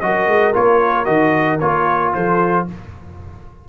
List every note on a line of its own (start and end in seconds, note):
0.00 0.27 F#3
0.00 0.53 F#4
0.00 2.14 A#4
0.00 0.53 D#5
0.27 0.54 G#3
0.53 1.07 A#3
0.53 1.05 F4
0.53 1.05 C#5
1.05 1.60 D#3
1.05 1.58 F#4
1.05 1.58 D#5
1.59 2.14 A#3
1.59 2.67 F4
1.59 2.12 C#5
2.13 2.68 F3
2.13 2.67 A4
2.13 2.66 C5